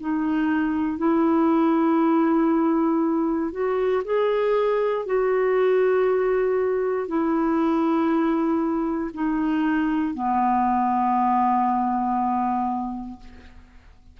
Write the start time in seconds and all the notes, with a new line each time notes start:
0.00 D#4
0.97 E4
3.51 F#4
4.04 G#4
5.05 F#4
7.07 E4
9.13 D#4
10.14 B3